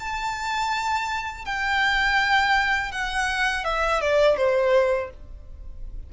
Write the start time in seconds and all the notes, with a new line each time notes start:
0.00 A5
1.45 G5
2.92 F#5
3.65 E5
4.01 D5
4.37 C5